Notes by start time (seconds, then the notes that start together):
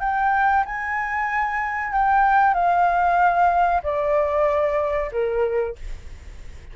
0.00 G5
0.65 G#5
1.92 G5
2.54 F5
3.83 D5
5.12 A#4